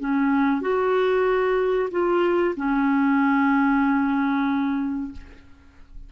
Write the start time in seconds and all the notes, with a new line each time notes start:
0.00 C#4
0.61 F#4
1.91 F4
2.56 C#4